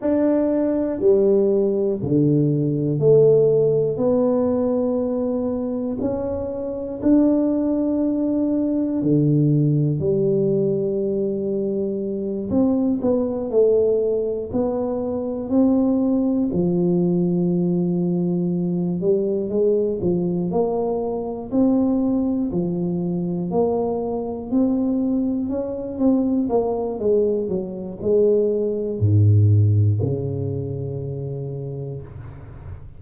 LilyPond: \new Staff \with { instrumentName = "tuba" } { \time 4/4 \tempo 4 = 60 d'4 g4 d4 a4 | b2 cis'4 d'4~ | d'4 d4 g2~ | g8 c'8 b8 a4 b4 c'8~ |
c'8 f2~ f8 g8 gis8 | f8 ais4 c'4 f4 ais8~ | ais8 c'4 cis'8 c'8 ais8 gis8 fis8 | gis4 gis,4 cis2 | }